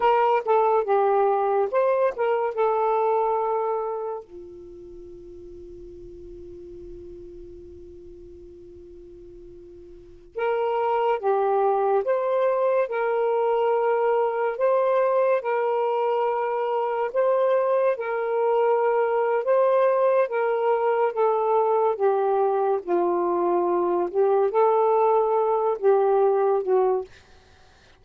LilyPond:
\new Staff \with { instrumentName = "saxophone" } { \time 4/4 \tempo 4 = 71 ais'8 a'8 g'4 c''8 ais'8 a'4~ | a'4 f'2.~ | f'1~ | f'16 ais'4 g'4 c''4 ais'8.~ |
ais'4~ ais'16 c''4 ais'4.~ ais'16~ | ais'16 c''4 ais'4.~ ais'16 c''4 | ais'4 a'4 g'4 f'4~ | f'8 g'8 a'4. g'4 fis'8 | }